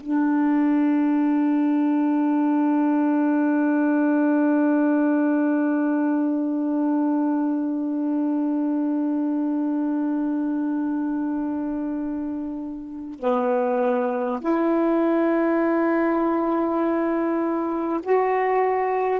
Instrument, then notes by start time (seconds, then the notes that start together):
saxophone
0.00 D4
13.19 B3
14.41 E4
18.03 F#4